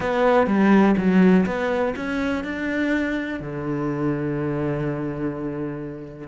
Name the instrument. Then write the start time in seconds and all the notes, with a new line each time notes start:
cello
0.00 B3
0.46 G3
0.97 F#3
1.46 B3
1.96 C#4
2.43 D4
3.39 D3